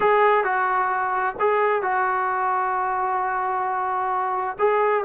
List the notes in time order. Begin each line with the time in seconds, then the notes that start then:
0.00 G#4
0.44 F#4
1.39 G#4
1.82 F#4
4.58 G#4